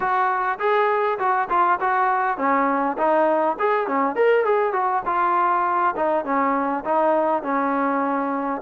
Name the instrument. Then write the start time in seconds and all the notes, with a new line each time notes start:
trombone
0.00 F#4
0.59 G#4
1.18 F#4
1.49 F4
1.80 F#4
2.37 C#4
2.97 D#4
3.59 G#4
3.87 C#4
4.15 A#4
4.44 G#4
4.73 F#4
5.05 F4
5.96 D#4
6.24 C#4
6.85 D#4
7.42 C#4